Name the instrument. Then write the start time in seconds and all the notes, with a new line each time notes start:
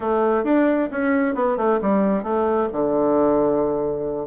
bassoon
0.00 A3
0.44 D4
0.91 C#4
1.35 B3
1.57 A3
1.81 G3
2.23 A3
2.72 D3